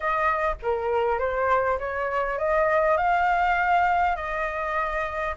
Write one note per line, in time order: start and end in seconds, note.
0.00 0.55 D#5
0.62 1.19 A#4
1.19 1.78 C5
1.78 2.38 C#5
2.38 2.97 D#5
2.97 4.16 F5
4.16 5.35 D#5